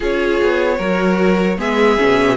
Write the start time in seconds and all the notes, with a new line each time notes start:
0.00 C#4 F4 G#4 C#5
0.41 B3
0.77 F#3 F#4 A#4
1.57 G#3 B3 G#4 E5
1.97 B2 C#4